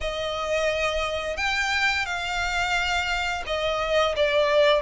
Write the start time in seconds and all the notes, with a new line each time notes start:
0.00 D#5
1.36 G5
2.05 F5
3.46 D#5
4.16 D5